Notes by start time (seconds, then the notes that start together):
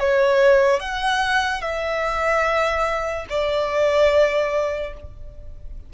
0.00 C#5
0.80 F#5
1.62 E5
3.30 D5